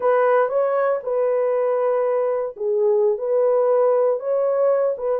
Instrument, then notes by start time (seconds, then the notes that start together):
horn
0.00 B4
0.49 C#5
1.03 B4
2.56 G#4
3.18 B4
4.19 C#5
4.97 B4